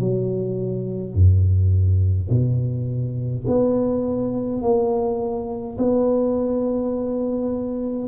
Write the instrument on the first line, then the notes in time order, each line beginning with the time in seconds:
tuba
0.00 F#3
1.14 F#2
2.30 B2
3.47 B3
4.62 A#3
5.78 B3